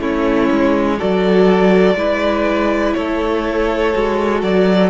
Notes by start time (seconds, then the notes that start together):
0.00 A3 C#4 E4 C#5
0.51 G#3
0.98 F#3 F#4 A4 D5
1.95 G#3 E4 B4
2.94 A3 A4 C#5
3.94 G#3 F#4
4.43 F#3 D5